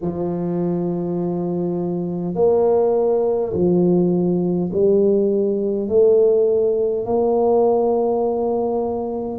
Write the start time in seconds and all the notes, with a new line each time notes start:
0.01 F3
2.35 A#3
3.53 F3
4.72 G3
5.88 A3
7.05 A#3